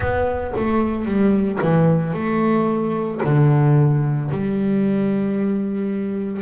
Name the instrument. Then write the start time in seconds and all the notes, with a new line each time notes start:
double bass
0.00 B3
0.56 A3
1.05 G3
1.61 E3
2.13 A3
3.23 D3
4.31 G3